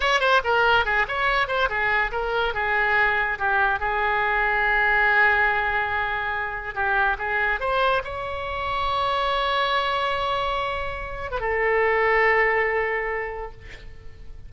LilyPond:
\new Staff \with { instrumentName = "oboe" } { \time 4/4 \tempo 4 = 142 cis''8 c''8 ais'4 gis'8 cis''4 c''8 | gis'4 ais'4 gis'2 | g'4 gis'2.~ | gis'1 |
g'4 gis'4 c''4 cis''4~ | cis''1~ | cis''2~ cis''8. b'16 a'4~ | a'1 | }